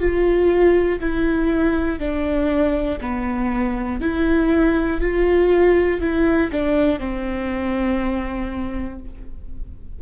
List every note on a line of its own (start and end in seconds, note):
0.00 1.00 F4
1.00 1.99 E4
1.99 2.99 D4
3.01 4.00 B3
4.00 5.00 E4
5.01 6.00 F4
6.00 6.50 E4
6.51 7.00 D4
7.00 9.00 C4